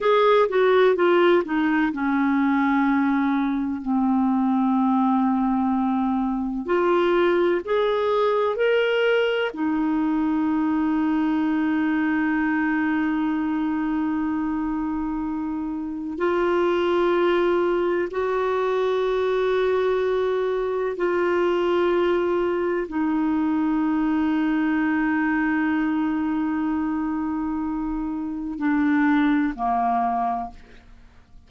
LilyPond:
\new Staff \with { instrumentName = "clarinet" } { \time 4/4 \tempo 4 = 63 gis'8 fis'8 f'8 dis'8 cis'2 | c'2. f'4 | gis'4 ais'4 dis'2~ | dis'1~ |
dis'4 f'2 fis'4~ | fis'2 f'2 | dis'1~ | dis'2 d'4 ais4 | }